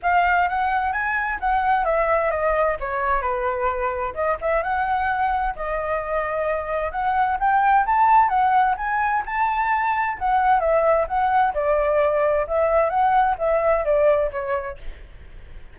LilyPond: \new Staff \with { instrumentName = "flute" } { \time 4/4 \tempo 4 = 130 f''4 fis''4 gis''4 fis''4 | e''4 dis''4 cis''4 b'4~ | b'4 dis''8 e''8 fis''2 | dis''2. fis''4 |
g''4 a''4 fis''4 gis''4 | a''2 fis''4 e''4 | fis''4 d''2 e''4 | fis''4 e''4 d''4 cis''4 | }